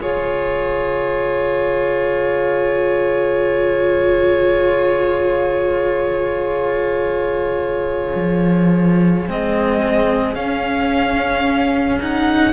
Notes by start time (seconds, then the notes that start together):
0.00 C#3 F4 G#4 C#5
8.16 F3
9.27 G#3 C4 D#5
10.35 C#4 F5
12.00 D#4 F#5